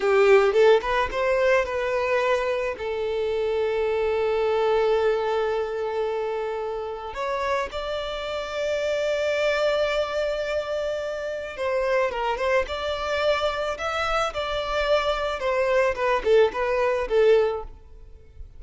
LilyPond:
\new Staff \with { instrumentName = "violin" } { \time 4/4 \tempo 4 = 109 g'4 a'8 b'8 c''4 b'4~ | b'4 a'2.~ | a'1~ | a'4 cis''4 d''2~ |
d''1~ | d''4 c''4 ais'8 c''8 d''4~ | d''4 e''4 d''2 | c''4 b'8 a'8 b'4 a'4 | }